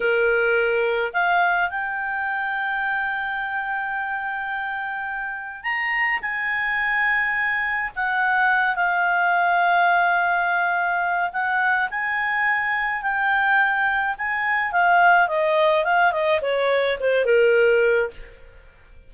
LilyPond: \new Staff \with { instrumentName = "clarinet" } { \time 4/4 \tempo 4 = 106 ais'2 f''4 g''4~ | g''1~ | g''2 ais''4 gis''4~ | gis''2 fis''4. f''8~ |
f''1 | fis''4 gis''2 g''4~ | g''4 gis''4 f''4 dis''4 | f''8 dis''8 cis''4 c''8 ais'4. | }